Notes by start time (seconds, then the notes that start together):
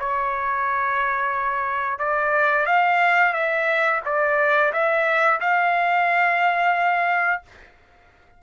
0.00 C#5
1.99 D5
2.66 F5
3.34 E5
4.05 D5
4.73 E5
5.41 F5